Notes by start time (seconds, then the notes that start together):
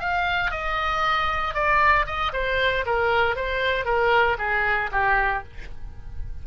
0.00 F5
0.51 D#5
1.54 D5
2.06 D#5
2.33 C5
2.86 A#4
3.36 C5
3.85 A#4
4.38 G#4
4.92 G4